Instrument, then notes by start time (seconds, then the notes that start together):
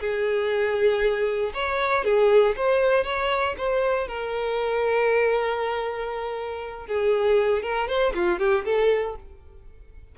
violin
0.00 G#4
1.54 C#5
2.05 G#4
2.57 C5
3.04 C#5
3.58 C5
4.08 A#4
6.87 G#4
7.63 A#4
7.88 C5
8.14 F4
8.39 G4
8.65 A4